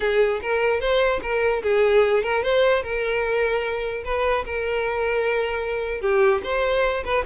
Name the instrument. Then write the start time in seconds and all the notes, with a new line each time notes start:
violin
0.00 G#4
0.41 A#4
0.80 C5
1.22 A#4
1.62 G#4
2.23 A#4
2.43 C5
2.82 A#4
4.04 B4
4.45 A#4
6.01 G4
6.43 C5
7.04 B4